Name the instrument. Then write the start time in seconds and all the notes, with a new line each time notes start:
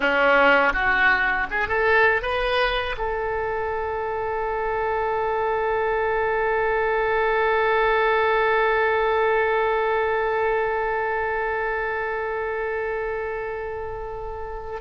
oboe
0.00 C#4
0.73 F#4
1.50 G#4
1.68 A4
2.22 B4
2.97 A4